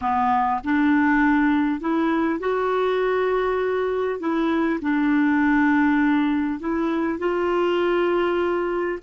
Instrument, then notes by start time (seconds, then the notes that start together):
clarinet
0.01 B3
0.64 D4
1.80 E4
2.39 F#4
4.19 E4
4.81 D4
6.59 E4
7.18 F4